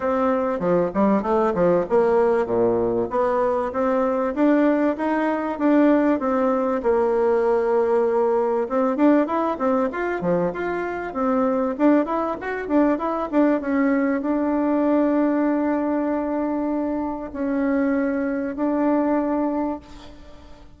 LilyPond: \new Staff \with { instrumentName = "bassoon" } { \time 4/4 \tempo 4 = 97 c'4 f8 g8 a8 f8 ais4 | ais,4 b4 c'4 d'4 | dis'4 d'4 c'4 ais4~ | ais2 c'8 d'8 e'8 c'8 |
f'8 f8 f'4 c'4 d'8 e'8 | fis'8 d'8 e'8 d'8 cis'4 d'4~ | d'1 | cis'2 d'2 | }